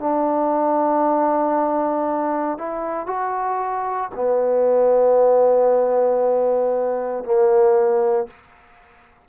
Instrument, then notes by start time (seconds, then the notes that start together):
trombone
0.00 D4
2.58 E4
3.07 F#4
4.15 B3
7.24 A#3